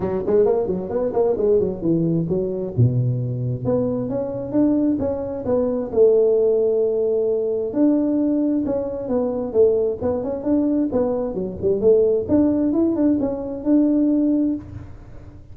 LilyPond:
\new Staff \with { instrumentName = "tuba" } { \time 4/4 \tempo 4 = 132 fis8 gis8 ais8 fis8 b8 ais8 gis8 fis8 | e4 fis4 b,2 | b4 cis'4 d'4 cis'4 | b4 a2.~ |
a4 d'2 cis'4 | b4 a4 b8 cis'8 d'4 | b4 fis8 g8 a4 d'4 | e'8 d'8 cis'4 d'2 | }